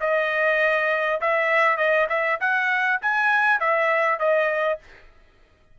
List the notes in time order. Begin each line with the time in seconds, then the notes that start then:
0.00 D#5
1.21 E5
1.77 D#5
2.09 E5
2.40 F#5
3.01 G#5
3.60 E5
4.19 D#5